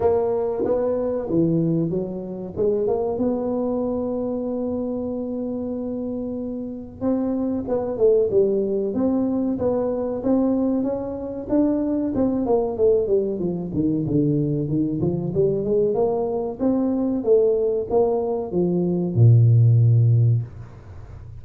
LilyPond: \new Staff \with { instrumentName = "tuba" } { \time 4/4 \tempo 4 = 94 ais4 b4 e4 fis4 | gis8 ais8 b2.~ | b2. c'4 | b8 a8 g4 c'4 b4 |
c'4 cis'4 d'4 c'8 ais8 | a8 g8 f8 dis8 d4 dis8 f8 | g8 gis8 ais4 c'4 a4 | ais4 f4 ais,2 | }